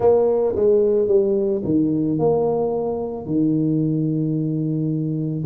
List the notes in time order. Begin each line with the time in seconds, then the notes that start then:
0.00 A#3
0.55 G#3
1.07 G3
1.64 D#3
2.18 A#3
3.25 D#3